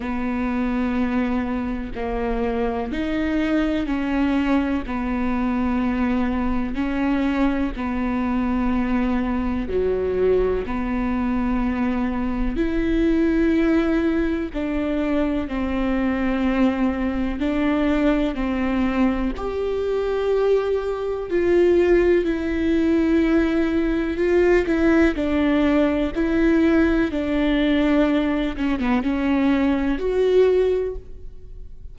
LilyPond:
\new Staff \with { instrumentName = "viola" } { \time 4/4 \tempo 4 = 62 b2 ais4 dis'4 | cis'4 b2 cis'4 | b2 fis4 b4~ | b4 e'2 d'4 |
c'2 d'4 c'4 | g'2 f'4 e'4~ | e'4 f'8 e'8 d'4 e'4 | d'4. cis'16 b16 cis'4 fis'4 | }